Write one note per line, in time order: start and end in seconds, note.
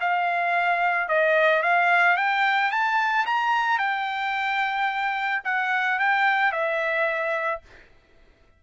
0.00 1.08 F5
1.08 1.62 D#5
1.62 2.16 F5
2.16 2.71 G5
2.71 3.25 A5
3.26 3.78 A#5
3.78 5.42 G5
5.44 5.99 F#5
5.99 6.52 G5
6.52 7.61 E5